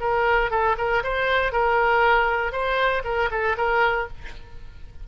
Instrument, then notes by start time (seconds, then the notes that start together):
oboe
0.00 A#4
0.50 A4
0.78 A#4
1.03 C5
1.52 A#4
2.52 C5
3.04 A#4
3.31 A4
3.57 A#4